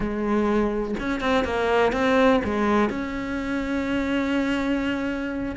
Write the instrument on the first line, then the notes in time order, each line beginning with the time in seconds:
cello
0.00 G#3
0.99 C#4
1.20 C4
1.44 A#3
1.92 C4
2.44 G#3
2.89 C#4